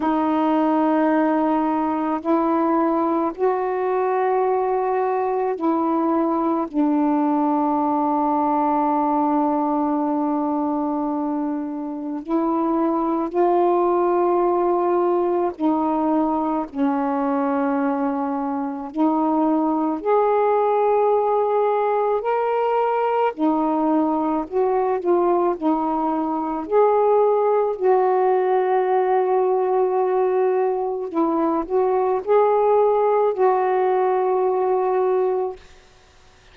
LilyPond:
\new Staff \with { instrumentName = "saxophone" } { \time 4/4 \tempo 4 = 54 dis'2 e'4 fis'4~ | fis'4 e'4 d'2~ | d'2. e'4 | f'2 dis'4 cis'4~ |
cis'4 dis'4 gis'2 | ais'4 dis'4 fis'8 f'8 dis'4 | gis'4 fis'2. | e'8 fis'8 gis'4 fis'2 | }